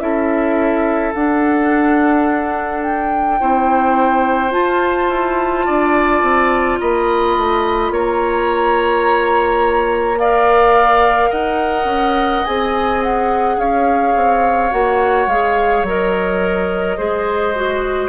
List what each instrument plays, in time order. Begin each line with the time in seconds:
0.00 bassoon C#4, clarinet E4, oboe A4, flute E5
1.15 bassoon D4, clarinet D4, flute F#5
2.83 flute G5
3.40 bassoon C4, clarinet E4, oboe C5
4.50 clarinet F4, bassoon F4, flute A5
5.09 bassoon E4
5.66 bassoon D4, oboe D5
6.22 bassoon C4
6.80 bassoon A#3, oboe D#5, flute B5
7.37 bassoon A3
7.91 bassoon A#3, oboe C#5, flute A#5
10.20 clarinet A#4, oboe D5, flute F5
11.30 bassoon D#4, oboe D#5, flute F#5
11.85 bassoon C#4
12.46 bassoon C4, clarinet G#4, flute G#5
13.03 flute F#5
13.58 bassoon C#4, oboe C#5, flute F5
14.16 bassoon C4
14.71 bassoon A#3, clarinet F#4, flute F#5
15.27 bassoon G#3, clarinet G#4, flute F5
15.83 bassoon F#3, clarinet A#4, flute D#5
16.97 bassoon G#3, clarinet G#4, oboe C5
17.55 clarinet F#4